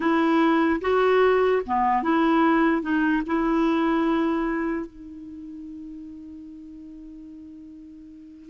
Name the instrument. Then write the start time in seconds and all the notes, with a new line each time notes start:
clarinet
0.00 E4
0.81 F#4
1.66 B3
2.02 E4
2.82 D#4
3.26 E4
4.86 D#4